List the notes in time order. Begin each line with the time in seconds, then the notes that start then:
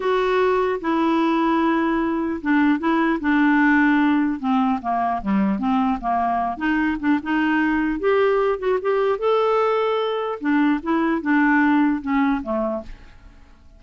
0.00 F#4
0.80 E4
2.41 D4
2.79 E4
3.20 D4
4.39 C4
4.81 A#3
5.21 G3
5.59 C4
6.00 A#3
6.57 D#4
6.99 D4
7.23 D#4
7.99 G4
8.58 F#4
8.81 G4
9.18 A4
10.40 D4
10.83 E4
11.21 D4
12.01 C#4
12.42 A3